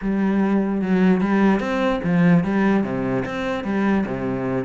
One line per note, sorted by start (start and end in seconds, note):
0.01 0.81 G3
0.81 1.20 F#3
1.20 1.60 G3
1.60 2.00 C4
2.03 2.44 F3
2.44 2.83 G3
2.83 3.24 C3
3.25 3.64 C4
3.64 4.04 G3
4.06 4.65 C3